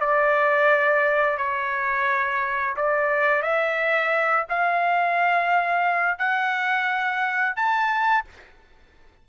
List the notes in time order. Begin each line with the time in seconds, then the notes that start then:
0.00 D5
1.38 C#5
2.76 D5
3.43 E5
4.50 F5
6.18 F#5
7.56 A5